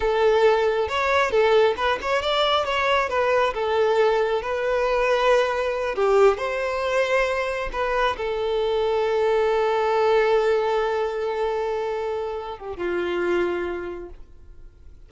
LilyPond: \new Staff \with { instrumentName = "violin" } { \time 4/4 \tempo 4 = 136 a'2 cis''4 a'4 | b'8 cis''8 d''4 cis''4 b'4 | a'2 b'2~ | b'4. g'4 c''4.~ |
c''4. b'4 a'4.~ | a'1~ | a'1~ | a'8 g'8 f'2. | }